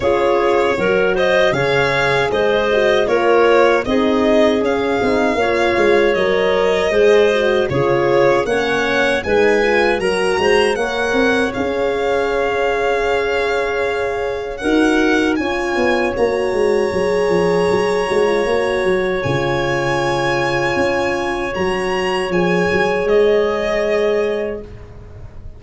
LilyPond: <<
  \new Staff \with { instrumentName = "violin" } { \time 4/4 \tempo 4 = 78 cis''4. dis''8 f''4 dis''4 | cis''4 dis''4 f''2 | dis''2 cis''4 fis''4 | gis''4 ais''4 fis''4 f''4~ |
f''2. fis''4 | gis''4 ais''2.~ | ais''4 gis''2. | ais''4 gis''4 dis''2 | }
  \new Staff \with { instrumentName = "clarinet" } { \time 4/4 gis'4 ais'8 c''8 cis''4 c''4 | ais'4 gis'2 cis''4~ | cis''4 c''4 gis'4 cis''4 | b'4 ais'8 c''8 cis''2~ |
cis''2. ais'4 | cis''1~ | cis''1~ | cis''1 | }
  \new Staff \with { instrumentName = "horn" } { \time 4/4 f'4 fis'4 gis'4. fis'8 | f'4 dis'4 cis'8 dis'8 f'4 | ais'4 gis'8 fis'8 f'4 cis'4 | dis'8 f'8 fis'4 ais'4 gis'4~ |
gis'2. fis'4 | f'4 fis'4 gis'4. fis'16 f'16 | fis'4 f'2. | fis'4 gis'2. | }
  \new Staff \with { instrumentName = "tuba" } { \time 4/4 cis'4 fis4 cis4 gis4 | ais4 c'4 cis'8 c'8 ais8 gis8 | fis4 gis4 cis4 ais4 | gis4 fis8 gis8 ais8 c'8 cis'4~ |
cis'2. dis'4 | cis'8 b8 ais8 gis8 fis8 f8 fis8 gis8 | ais8 fis8 cis2 cis'4 | fis4 f8 fis8 gis2 | }
>>